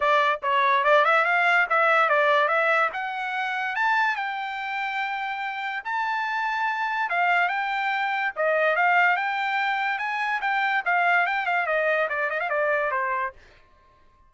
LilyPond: \new Staff \with { instrumentName = "trumpet" } { \time 4/4 \tempo 4 = 144 d''4 cis''4 d''8 e''8 f''4 | e''4 d''4 e''4 fis''4~ | fis''4 a''4 g''2~ | g''2 a''2~ |
a''4 f''4 g''2 | dis''4 f''4 g''2 | gis''4 g''4 f''4 g''8 f''8 | dis''4 d''8 dis''16 f''16 d''4 c''4 | }